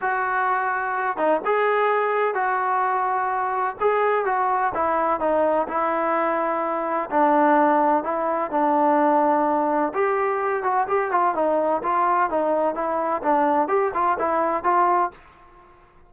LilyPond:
\new Staff \with { instrumentName = "trombone" } { \time 4/4 \tempo 4 = 127 fis'2~ fis'8 dis'8 gis'4~ | gis'4 fis'2. | gis'4 fis'4 e'4 dis'4 | e'2. d'4~ |
d'4 e'4 d'2~ | d'4 g'4. fis'8 g'8 f'8 | dis'4 f'4 dis'4 e'4 | d'4 g'8 f'8 e'4 f'4 | }